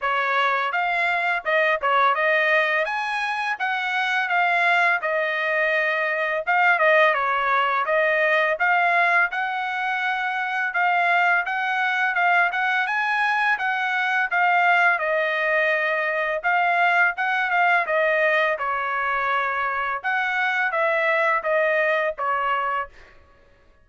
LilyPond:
\new Staff \with { instrumentName = "trumpet" } { \time 4/4 \tempo 4 = 84 cis''4 f''4 dis''8 cis''8 dis''4 | gis''4 fis''4 f''4 dis''4~ | dis''4 f''8 dis''8 cis''4 dis''4 | f''4 fis''2 f''4 |
fis''4 f''8 fis''8 gis''4 fis''4 | f''4 dis''2 f''4 | fis''8 f''8 dis''4 cis''2 | fis''4 e''4 dis''4 cis''4 | }